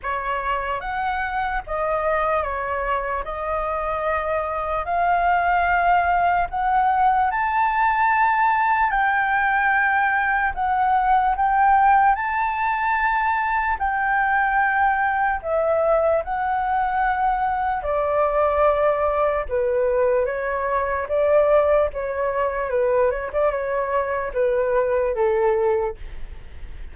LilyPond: \new Staff \with { instrumentName = "flute" } { \time 4/4 \tempo 4 = 74 cis''4 fis''4 dis''4 cis''4 | dis''2 f''2 | fis''4 a''2 g''4~ | g''4 fis''4 g''4 a''4~ |
a''4 g''2 e''4 | fis''2 d''2 | b'4 cis''4 d''4 cis''4 | b'8 cis''16 d''16 cis''4 b'4 a'4 | }